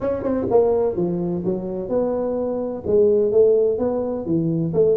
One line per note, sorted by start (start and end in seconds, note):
0.00 0.22 C#4
0.22 0.46 C4
0.50 0.96 A#3
0.96 1.43 F3
1.44 1.88 F#3
1.88 2.83 B3
2.86 3.31 G#3
3.31 3.78 A3
3.78 4.25 B3
4.25 4.72 E3
4.73 4.96 A3